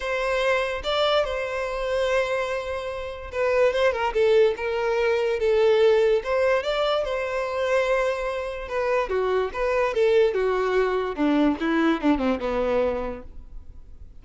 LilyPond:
\new Staff \with { instrumentName = "violin" } { \time 4/4 \tempo 4 = 145 c''2 d''4 c''4~ | c''1 | b'4 c''8 ais'8 a'4 ais'4~ | ais'4 a'2 c''4 |
d''4 c''2.~ | c''4 b'4 fis'4 b'4 | a'4 fis'2 d'4 | e'4 d'8 c'8 b2 | }